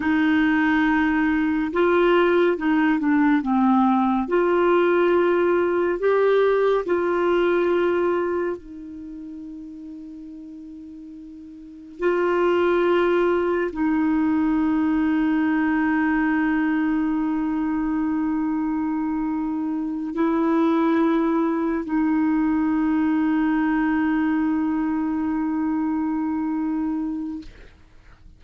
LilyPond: \new Staff \with { instrumentName = "clarinet" } { \time 4/4 \tempo 4 = 70 dis'2 f'4 dis'8 d'8 | c'4 f'2 g'4 | f'2 dis'2~ | dis'2 f'2 |
dis'1~ | dis'2.~ dis'8 e'8~ | e'4. dis'2~ dis'8~ | dis'1 | }